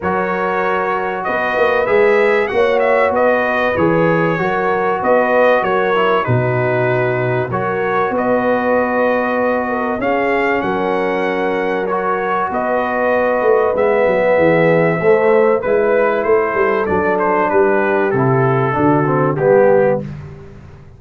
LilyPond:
<<
  \new Staff \with { instrumentName = "trumpet" } { \time 4/4 \tempo 4 = 96 cis''2 dis''4 e''4 | fis''8 e''8 dis''4 cis''2 | dis''4 cis''4 b'2 | cis''4 dis''2. |
f''4 fis''2 cis''4 | dis''2 e''2~ | e''4 b'4 c''4 d''8 c''8 | b'4 a'2 g'4 | }
  \new Staff \with { instrumentName = "horn" } { \time 4/4 ais'2 b'2 | cis''4 b'2 ais'4 | b'4 ais'4 fis'2 | ais'4 b'2~ b'8 ais'8 |
gis'4 ais'2. | b'2. gis'4 | c''4 b'4 a'2 | g'2 fis'4 g'4 | }
  \new Staff \with { instrumentName = "trombone" } { \time 4/4 fis'2. gis'4 | fis'2 gis'4 fis'4~ | fis'4. e'8 dis'2 | fis'1 |
cis'2. fis'4~ | fis'2 b2 | a4 e'2 d'4~ | d'4 e'4 d'8 c'8 b4 | }
  \new Staff \with { instrumentName = "tuba" } { \time 4/4 fis2 b8 ais8 gis4 | ais4 b4 e4 fis4 | b4 fis4 b,2 | fis4 b2. |
cis'4 fis2. | b4. a8 gis8 fis8 e4 | a4 gis4 a8 g8 fis4 | g4 c4 d4 g4 | }
>>